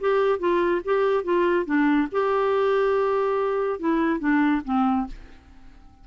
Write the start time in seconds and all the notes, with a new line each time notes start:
0.00 G4
0.39 F4
0.85 G4
1.24 F4
1.66 D4
2.12 G4
3.80 E4
4.19 D4
4.65 C4